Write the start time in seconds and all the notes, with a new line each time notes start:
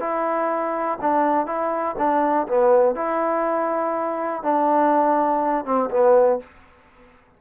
0.00 E4
1.01 D4
1.47 E4
1.98 D4
2.48 B3
2.95 E4
4.43 D4
5.65 C4
5.90 B3